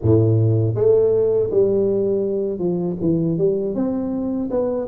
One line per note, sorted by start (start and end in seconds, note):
0.02 0.75 A2
0.75 1.50 A3
1.50 2.58 G3
2.58 2.96 F3
3.00 3.38 E3
3.38 3.74 G3
3.74 4.49 C4
4.50 4.88 B3